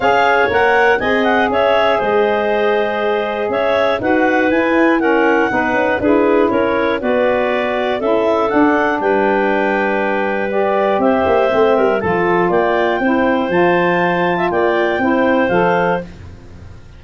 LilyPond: <<
  \new Staff \with { instrumentName = "clarinet" } { \time 4/4 \tempo 4 = 120 f''4 fis''4 gis''8 fis''8 e''4 | dis''2. e''4 | fis''4 gis''4 fis''2 | b'4 cis''4 d''2 |
e''4 fis''4 g''2~ | g''4 d''4 e''2 | a''4 g''2 a''4~ | a''4 g''2 f''4 | }
  \new Staff \with { instrumentName = "clarinet" } { \time 4/4 cis''2 dis''4 cis''4 | c''2. cis''4 | b'2 ais'4 b'4 | gis'4 ais'4 b'2 |
a'2 b'2~ | b'2 c''4. ais'8 | a'4 d''4 c''2~ | c''8. e''16 d''4 c''2 | }
  \new Staff \with { instrumentName = "saxophone" } { \time 4/4 gis'4 ais'4 gis'2~ | gis'1 | fis'4 e'4 cis'4 dis'4 | e'2 fis'2 |
e'4 d'2.~ | d'4 g'2 c'4 | f'2 e'4 f'4~ | f'2 e'4 a'4 | }
  \new Staff \with { instrumentName = "tuba" } { \time 4/4 cis'4 ais4 c'4 cis'4 | gis2. cis'4 | dis'4 e'2 b8 cis'8 | d'4 cis'4 b2 |
cis'4 d'4 g2~ | g2 c'8 ais8 a8 g8 | f4 ais4 c'4 f4~ | f4 ais4 c'4 f4 | }
>>